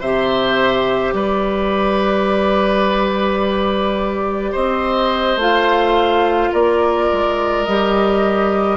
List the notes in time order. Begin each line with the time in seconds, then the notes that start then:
0.00 C3 G4 C5 E5
1.13 G3 B4 D5
4.51 C4 C5 D#5
5.36 A3 F4 F5
6.52 A#3 A#4 D5
7.12 G#3
7.64 G3 G4 D#5